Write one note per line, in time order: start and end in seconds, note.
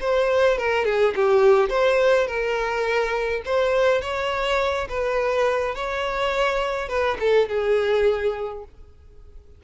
0.00 0.58 C5
0.58 0.85 A#4
0.85 1.14 G#4
1.15 1.69 G4
1.69 2.27 C5
2.27 3.42 A#4
3.45 4.01 C5
4.01 4.88 C#5
4.89 5.75 B4
5.75 6.88 C#5
6.88 7.17 B4
7.20 7.48 A4
7.48 8.64 G#4